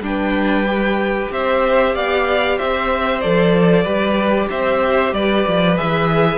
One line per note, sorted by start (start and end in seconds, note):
0.00 1.28 G3
0.00 0.66 D4
0.00 1.33 G5
0.06 1.32 B4
0.67 3.22 G4
1.31 1.95 C4
1.31 1.95 C5
1.31 1.96 E5
1.95 2.59 B3
1.95 2.58 D5
1.95 2.58 F5
2.58 3.24 C4
2.58 3.83 C5
2.58 3.21 E5
3.21 3.86 F3
3.21 3.85 A4
3.21 4.49 D5
3.83 4.50 G3
3.83 5.77 G4
3.83 4.47 B4
4.51 5.13 C4
4.51 5.14 C5
4.51 5.14 E5
5.13 5.45 G3
5.13 6.38 B4
5.13 5.78 D5
5.48 5.80 F3
5.77 6.38 E3
5.77 6.38 G#4
5.77 6.38 E5